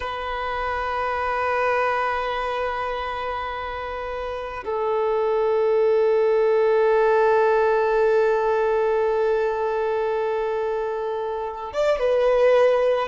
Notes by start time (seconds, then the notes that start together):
0.00 B4
4.64 A4
11.72 D5
11.99 B4